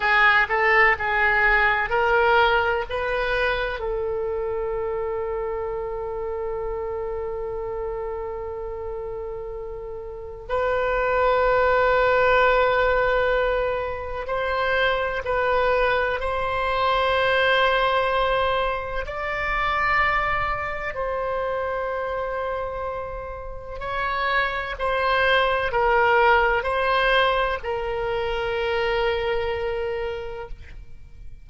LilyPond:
\new Staff \with { instrumentName = "oboe" } { \time 4/4 \tempo 4 = 63 gis'8 a'8 gis'4 ais'4 b'4 | a'1~ | a'2. b'4~ | b'2. c''4 |
b'4 c''2. | d''2 c''2~ | c''4 cis''4 c''4 ais'4 | c''4 ais'2. | }